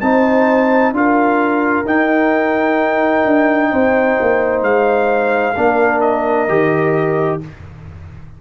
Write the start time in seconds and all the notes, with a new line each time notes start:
0.00 C4 D#4 C5 A5
0.91 D4 F4 A#4 F5
1.85 D#4 G5
3.24 D4
3.70 C4 C5
4.20 A#3
4.61 G#3 F5
5.56 A#3 D4 A#4
6.00 D#5
6.48 D#3 G4